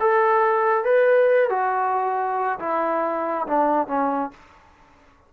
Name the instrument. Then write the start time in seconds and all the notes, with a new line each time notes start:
trombone
0.00 A4
0.84 B4
1.49 F#4
2.59 E4
3.47 D4
3.87 C#4